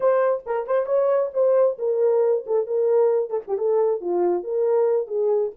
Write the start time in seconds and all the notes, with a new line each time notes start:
0.00 C5
0.45 A#4
0.67 C5
0.86 C#5
1.33 C5
1.78 A#4
2.46 A4
2.66 A#4
3.29 A4
3.47 G4
3.58 A4
4.01 F4
4.43 A#4
5.07 G#4